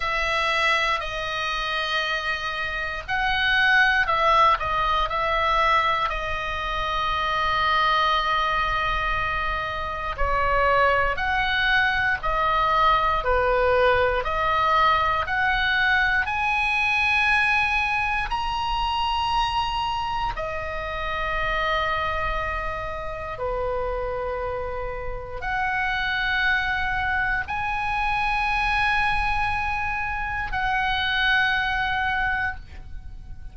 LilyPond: \new Staff \with { instrumentName = "oboe" } { \time 4/4 \tempo 4 = 59 e''4 dis''2 fis''4 | e''8 dis''8 e''4 dis''2~ | dis''2 cis''4 fis''4 | dis''4 b'4 dis''4 fis''4 |
gis''2 ais''2 | dis''2. b'4~ | b'4 fis''2 gis''4~ | gis''2 fis''2 | }